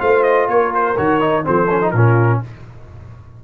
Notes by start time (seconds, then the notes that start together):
0.00 A3 F4 C5 F5
0.24 D#5
0.48 A#3 A#4 C#5
0.75 C5
0.97 D#3 F#4 C#5
1.21 D#4
1.44 F3 C4 A4 C5
1.70 C#4
1.82 D#4
1.91 A#2 C#4 F4 A#4